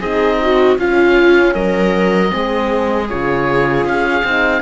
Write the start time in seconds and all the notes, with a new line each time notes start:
0.00 C4 D#4 G#4 D#5
0.42 F#4
0.79 C#4 F4 F5
1.55 F#3 A#4 D#5
2.29 G#3 C4 G#4
3.09 C#3 F4 C#5
3.85 C#4 F5
4.25 C4 D#4